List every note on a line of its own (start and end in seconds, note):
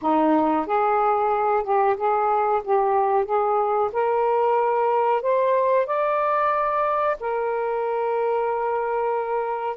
0.01 0.66 D#4
0.66 1.63 G#4
1.63 1.96 G4
1.97 2.62 G#4
2.64 3.25 G4
3.25 3.90 G#4
3.92 5.22 A#4
5.22 5.86 C5
5.86 7.17 D5
7.19 9.76 A#4